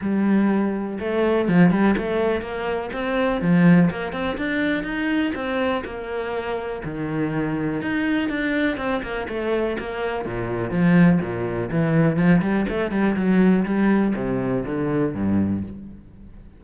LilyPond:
\new Staff \with { instrumentName = "cello" } { \time 4/4 \tempo 4 = 123 g2 a4 f8 g8 | a4 ais4 c'4 f4 | ais8 c'8 d'4 dis'4 c'4 | ais2 dis2 |
dis'4 d'4 c'8 ais8 a4 | ais4 ais,4 f4 ais,4 | e4 f8 g8 a8 g8 fis4 | g4 c4 d4 g,4 | }